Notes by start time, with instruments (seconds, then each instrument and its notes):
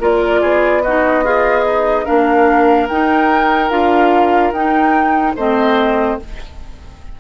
0.00 bassoon A#3, clarinet F4, oboe A#4, flute D5
0.41 bassoon B3, oboe G#4
0.83 clarinet D#4, oboe F#4, flute D#5
1.24 oboe F4, clarinet G#4
1.65 oboe D#4
2.05 bassoon A#3, clarinet D4, oboe A#4, flute F5
2.89 bassoon D#4, clarinet D#4, flute G5
3.70 bassoon D4, clarinet F4, flute F5
4.52 bassoon D#4, clarinet D#4, flute G5
5.36 bassoon A3, clarinet C4, oboe C5, flute D#5